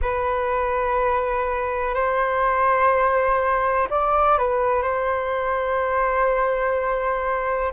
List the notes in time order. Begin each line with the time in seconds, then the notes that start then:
0.01 B4
1.94 C5
3.90 D5
4.38 B4
4.82 C5